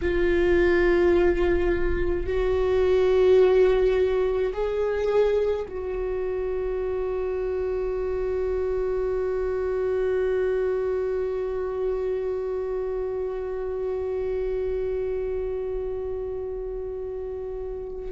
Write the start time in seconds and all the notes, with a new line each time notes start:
0.01 F4
2.26 F#4
4.53 G#4
5.68 F#4